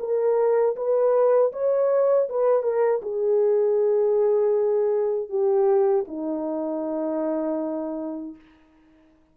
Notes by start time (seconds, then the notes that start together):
0.00 A#4
0.76 B4
1.53 C#5
2.30 B4
2.63 A#4
3.02 G#4
5.30 G4
6.08 D#4